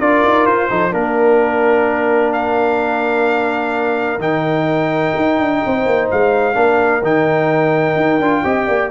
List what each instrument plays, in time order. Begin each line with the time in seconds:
0.00 tuba D4, trombone F4, horn A#4, trumpet D5
0.24 tuba D#4
0.46 tuba F4, trumpet C5
0.70 tuba F3, trombone D#4, horn A4
0.91 tuba A#3, trombone D4, horn A#4, trumpet A#4
2.33 trumpet F5
4.19 tuba D#3, trombone D#4, trumpet G5
5.16 tuba D#4
5.39 tuba D4
5.66 tuba C4, horn C5
5.86 tuba A#3
6.11 tuba G#3, trumpet F5
6.54 tuba A#3, trombone D4, horn A#4
7.03 tuba D#3, trombone D#4, trumpet G5
7.96 tuba D#4
8.20 tuba D4, trombone F4
8.44 tuba C4, trombone G4, horn D#5
8.67 tuba A#3, horn D5